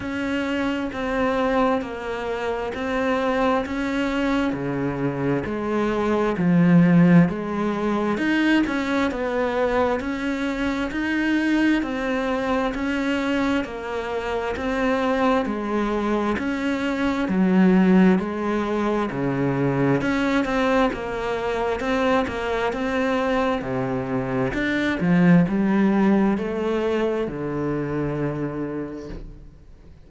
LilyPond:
\new Staff \with { instrumentName = "cello" } { \time 4/4 \tempo 4 = 66 cis'4 c'4 ais4 c'4 | cis'4 cis4 gis4 f4 | gis4 dis'8 cis'8 b4 cis'4 | dis'4 c'4 cis'4 ais4 |
c'4 gis4 cis'4 fis4 | gis4 cis4 cis'8 c'8 ais4 | c'8 ais8 c'4 c4 d'8 f8 | g4 a4 d2 | }